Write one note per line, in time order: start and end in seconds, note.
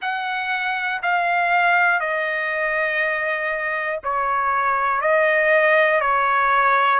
0.01 1.01 F#5
1.02 2.00 F5
2.00 4.00 D#5
4.03 5.01 C#5
5.01 6.00 D#5
6.00 7.00 C#5